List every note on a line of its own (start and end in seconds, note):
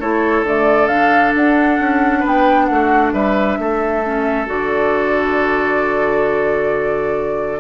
0.00 0.43 A3
0.00 0.46 E4
0.00 2.19 A4
0.00 0.45 C#5
0.43 1.32 D3
0.43 0.89 A3
0.43 0.88 D5
0.88 4.03 D4
0.88 1.33 F5
1.35 1.79 D4
1.35 2.26 F#5
1.79 2.24 C#4
2.19 2.70 B3
2.19 2.64 B4
2.28 2.66 G5
2.66 3.13 A3
2.66 3.11 F#5
2.72 3.14 F#4
3.13 3.58 G3
3.13 3.58 B4
3.13 4.47 E5
3.59 4.48 A3
3.59 7.60 A4
4.03 4.46 C#4
4.46 7.60 D3
4.46 7.60 F#4
4.46 7.60 D5